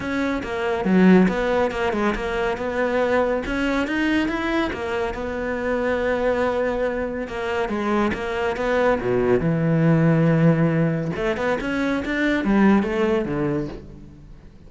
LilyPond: \new Staff \with { instrumentName = "cello" } { \time 4/4 \tempo 4 = 140 cis'4 ais4 fis4 b4 | ais8 gis8 ais4 b2 | cis'4 dis'4 e'4 ais4 | b1~ |
b4 ais4 gis4 ais4 | b4 b,4 e2~ | e2 a8 b8 cis'4 | d'4 g4 a4 d4 | }